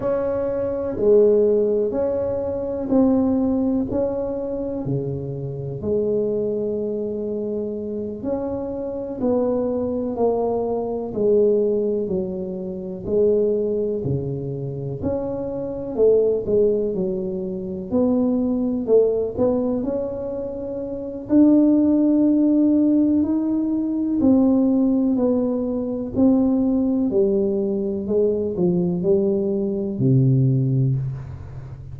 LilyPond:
\new Staff \with { instrumentName = "tuba" } { \time 4/4 \tempo 4 = 62 cis'4 gis4 cis'4 c'4 | cis'4 cis4 gis2~ | gis8 cis'4 b4 ais4 gis8~ | gis8 fis4 gis4 cis4 cis'8~ |
cis'8 a8 gis8 fis4 b4 a8 | b8 cis'4. d'2 | dis'4 c'4 b4 c'4 | g4 gis8 f8 g4 c4 | }